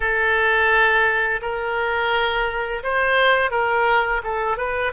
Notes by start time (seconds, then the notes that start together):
0.00 A4
1.41 A#4
2.83 C5
3.51 A#4
4.23 A4
4.57 B4